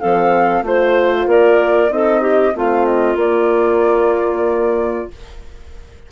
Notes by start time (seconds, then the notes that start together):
0.00 F3 C4 A4 F5
0.62 A3 F4 C5
1.27 A#3 A#4 D5
1.89 C4 D#4 A4 D#5
2.21 G4
2.56 A3 C4 F4 F5
2.86 D#5
3.16 A#3 D5